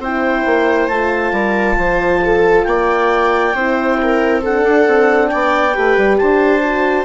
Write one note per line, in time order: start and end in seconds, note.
0.00 0.44 C4
0.00 0.91 E4
0.00 1.33 C5
0.00 0.89 G5
0.46 0.89 A#3
0.89 1.32 A3
0.89 3.56 F4
0.89 2.64 A5
1.32 1.76 G3
1.32 1.78 A#4
1.78 2.66 F3
1.78 2.23 C5
2.25 2.68 A4
2.64 3.55 A#3
2.64 3.55 D5
2.64 4.41 G5
3.55 4.63 C4
3.55 4.44 E4
3.55 3.99 C5
4.03 4.42 A#4
4.42 5.74 D4
4.42 5.30 A4
4.42 5.28 F#5
4.63 4.85 D4
4.88 5.32 C4
5.28 5.78 B3
5.28 5.75 D5
5.28 6.16 G5
5.74 5.97 A3
5.74 6.62 G4
5.74 6.19 B4
5.97 6.19 G3
6.18 7.06 D4
6.18 7.06 C5
6.18 7.06 A5
6.63 7.06 F#4